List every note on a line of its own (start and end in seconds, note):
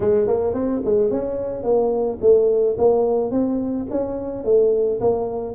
0.00 0.27 G#3
0.27 0.53 A#3
0.53 0.81 C4
0.85 1.11 G#3
1.11 1.63 C#4
1.63 2.18 A#3
2.21 2.76 A3
2.78 3.31 A#3
3.31 3.86 C4
3.90 4.44 C#4
4.44 4.99 A3
5.00 5.55 A#3